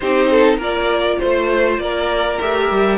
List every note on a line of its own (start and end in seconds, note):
0.00 0.57 C4
0.00 0.59 D#4
0.00 0.30 G4
0.00 0.58 C5
0.30 0.57 A4
0.57 1.17 A#3
0.57 2.40 F4
0.57 1.17 A#4
0.57 1.19 D5
1.19 1.78 A3
1.19 1.79 C5
1.19 1.81 C5
1.78 2.38 A#3
1.78 2.97 A#4
1.78 2.39 D5
2.40 2.71 A3
2.40 2.97 G4
2.40 2.97 E5
2.71 2.97 G3